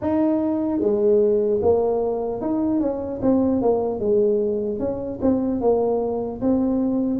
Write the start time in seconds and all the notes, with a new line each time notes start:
0.01 D#4
0.80 G#3
1.61 A#3
2.41 D#4
2.80 C#4
3.22 C4
3.61 A#3
3.99 G#3
4.79 C#4
5.21 C4
5.60 A#3
6.41 C4